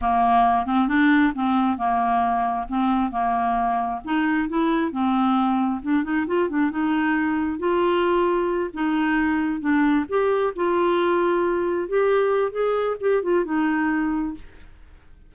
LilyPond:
\new Staff \with { instrumentName = "clarinet" } { \time 4/4 \tempo 4 = 134 ais4. c'8 d'4 c'4 | ais2 c'4 ais4~ | ais4 dis'4 e'4 c'4~ | c'4 d'8 dis'8 f'8 d'8 dis'4~ |
dis'4 f'2~ f'8 dis'8~ | dis'4. d'4 g'4 f'8~ | f'2~ f'8 g'4. | gis'4 g'8 f'8 dis'2 | }